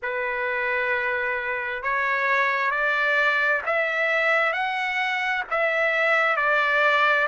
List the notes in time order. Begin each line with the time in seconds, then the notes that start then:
0.02 B4
1.82 C#5
2.70 D5
3.66 E5
4.52 F#5
5.50 E5
6.36 D5